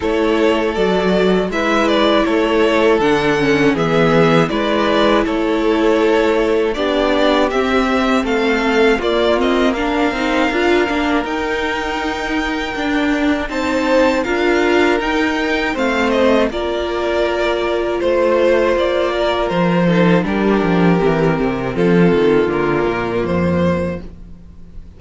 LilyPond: <<
  \new Staff \with { instrumentName = "violin" } { \time 4/4 \tempo 4 = 80 cis''4 d''4 e''8 d''8 cis''4 | fis''4 e''4 d''4 cis''4~ | cis''4 d''4 e''4 f''4 | d''8 dis''8 f''2 g''4~ |
g''2 a''4 f''4 | g''4 f''8 dis''8 d''2 | c''4 d''4 c''4 ais'4~ | ais'4 a'4 ais'4 c''4 | }
  \new Staff \with { instrumentName = "violin" } { \time 4/4 a'2 b'4 a'4~ | a'4 gis'4 b'4 a'4~ | a'4 g'2 a'4 | f'4 ais'2.~ |
ais'2 c''4 ais'4~ | ais'4 c''4 ais'2 | c''4. ais'4 a'8 g'4~ | g'4 f'2. | }
  \new Staff \with { instrumentName = "viola" } { \time 4/4 e'4 fis'4 e'2 | d'8 cis'8 b4 e'2~ | e'4 d'4 c'2 | ais8 c'8 d'8 dis'8 f'8 d'8 dis'4~ |
dis'4 d'4 dis'4 f'4 | dis'4 c'4 f'2~ | f'2~ f'8 dis'8 d'4 | c'2 ais2 | }
  \new Staff \with { instrumentName = "cello" } { \time 4/4 a4 fis4 gis4 a4 | d4 e4 gis4 a4~ | a4 b4 c'4 a4 | ais4. c'8 d'8 ais8 dis'4~ |
dis'4 d'4 c'4 d'4 | dis'4 a4 ais2 | a4 ais4 f4 g8 f8 | e8 c8 f8 dis8 d8 ais,8 f,4 | }
>>